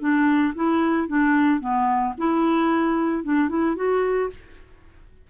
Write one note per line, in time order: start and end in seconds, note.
0.00 0.54 D4
0.55 1.08 E4
1.08 1.60 D4
1.60 2.14 B3
2.18 3.24 E4
3.24 3.49 D4
3.49 3.76 E4
3.76 4.30 F#4